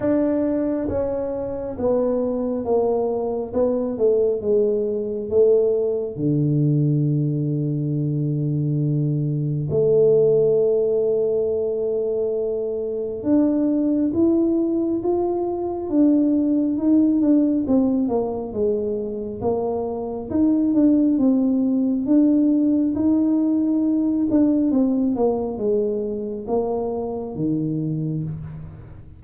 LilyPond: \new Staff \with { instrumentName = "tuba" } { \time 4/4 \tempo 4 = 68 d'4 cis'4 b4 ais4 | b8 a8 gis4 a4 d4~ | d2. a4~ | a2. d'4 |
e'4 f'4 d'4 dis'8 d'8 | c'8 ais8 gis4 ais4 dis'8 d'8 | c'4 d'4 dis'4. d'8 | c'8 ais8 gis4 ais4 dis4 | }